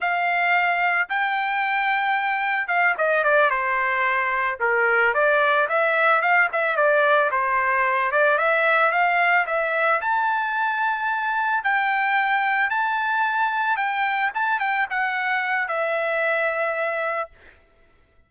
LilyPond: \new Staff \with { instrumentName = "trumpet" } { \time 4/4 \tempo 4 = 111 f''2 g''2~ | g''4 f''8 dis''8 d''8 c''4.~ | c''8 ais'4 d''4 e''4 f''8 | e''8 d''4 c''4. d''8 e''8~ |
e''8 f''4 e''4 a''4.~ | a''4. g''2 a''8~ | a''4. g''4 a''8 g''8 fis''8~ | fis''4 e''2. | }